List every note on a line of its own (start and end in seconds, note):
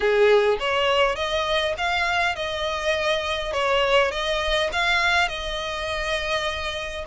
0.00 0.57 G#4
0.59 1.15 C#5
1.15 1.74 D#5
1.77 2.35 F5
2.35 3.52 D#5
3.52 4.11 C#5
4.11 4.70 D#5
4.72 5.28 F5
5.28 7.04 D#5